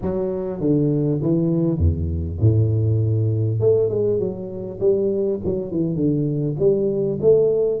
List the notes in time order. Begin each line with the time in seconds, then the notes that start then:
0.01 F#3
0.60 D3
1.22 E3
1.78 E2
2.40 A2
3.60 A3
3.89 G#3
4.19 F#3
4.79 G3
5.44 F#3
5.71 E3
5.95 D3
6.59 G3
7.21 A3